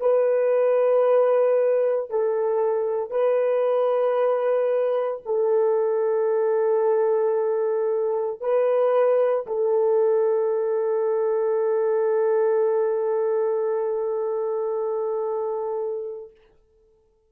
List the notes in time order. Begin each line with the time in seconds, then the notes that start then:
0.00 B4
2.10 A4
3.11 B4
5.25 A4
8.41 B4
9.46 A4